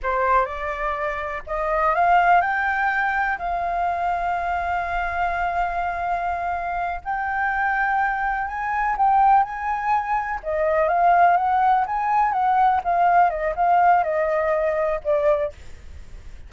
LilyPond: \new Staff \with { instrumentName = "flute" } { \time 4/4 \tempo 4 = 124 c''4 d''2 dis''4 | f''4 g''2 f''4~ | f''1~ | f''2~ f''8 g''4.~ |
g''4. gis''4 g''4 gis''8~ | gis''4. dis''4 f''4 fis''8~ | fis''8 gis''4 fis''4 f''4 dis''8 | f''4 dis''2 d''4 | }